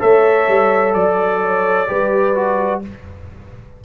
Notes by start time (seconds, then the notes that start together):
0.00 A3 A4 C#5 E5
0.48 G3
0.94 F#3 D5
1.42 C#5
1.88 G3 G4 B4
2.35 F#4